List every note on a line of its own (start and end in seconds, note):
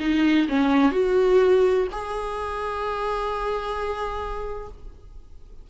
0.00 0.48 D#4
0.49 0.92 C#4
0.92 1.88 F#4
1.92 4.68 G#4